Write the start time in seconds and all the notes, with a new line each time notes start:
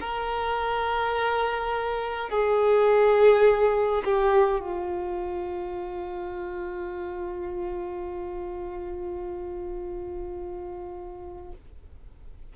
0.00 A#4
2.29 G#4
4.04 G4
4.60 F4